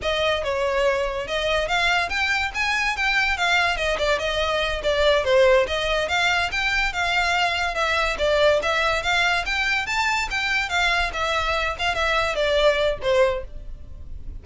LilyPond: \new Staff \with { instrumentName = "violin" } { \time 4/4 \tempo 4 = 143 dis''4 cis''2 dis''4 | f''4 g''4 gis''4 g''4 | f''4 dis''8 d''8 dis''4. d''8~ | d''8 c''4 dis''4 f''4 g''8~ |
g''8 f''2 e''4 d''8~ | d''8 e''4 f''4 g''4 a''8~ | a''8 g''4 f''4 e''4. | f''8 e''4 d''4. c''4 | }